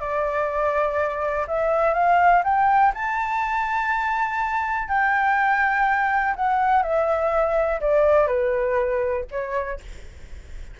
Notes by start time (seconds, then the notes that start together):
0.00 D5
1.47 E5
1.94 F5
2.44 G5
2.94 A5
4.88 G5
6.36 F#5
6.82 E5
7.81 D5
8.27 B4
9.31 C#5